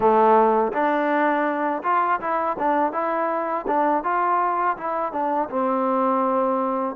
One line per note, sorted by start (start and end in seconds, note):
0.00 0.72 A3
0.72 1.82 D4
1.83 2.20 F4
2.20 2.56 E4
2.58 2.92 D4
2.92 3.65 E4
3.67 4.03 D4
4.03 4.76 F4
4.77 5.12 E4
5.12 5.48 D4
5.49 6.95 C4